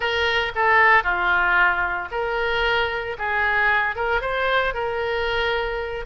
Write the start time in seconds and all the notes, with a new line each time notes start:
0.00 A#4
0.55 A4
1.03 F4
2.11 A#4
3.18 G#4
3.95 A#4
4.21 C5
4.73 A#4